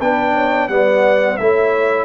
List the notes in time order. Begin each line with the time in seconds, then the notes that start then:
0.00 B3 D4 B4 G5
0.34 C#5
0.68 G3 B3 D5 F#5
1.37 A3 E4 C#5 E5